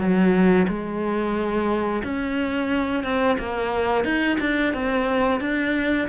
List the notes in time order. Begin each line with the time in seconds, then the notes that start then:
0.00 F#3
0.69 G#3
2.04 C#4
3.04 C4
3.39 A#3
4.05 D#4
4.40 D4
4.74 C4
5.41 D4